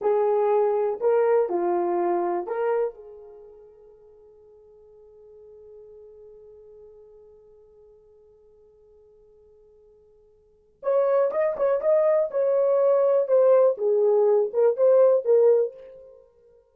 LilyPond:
\new Staff \with { instrumentName = "horn" } { \time 4/4 \tempo 4 = 122 gis'2 ais'4 f'4~ | f'4 ais'4 gis'2~ | gis'1~ | gis'1~ |
gis'1~ | gis'2 cis''4 dis''8 cis''8 | dis''4 cis''2 c''4 | gis'4. ais'8 c''4 ais'4 | }